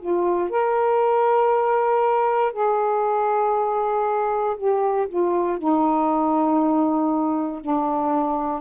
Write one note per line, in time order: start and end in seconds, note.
0.00 0.50 F4
0.50 2.53 A#4
2.53 4.56 G#4
4.57 5.08 G4
5.08 5.58 F4
5.58 7.61 D#4
7.61 8.61 D4